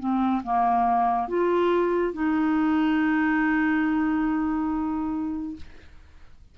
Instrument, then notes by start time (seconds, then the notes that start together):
clarinet
0.00 C4
0.44 A#3
1.29 F4
2.14 D#4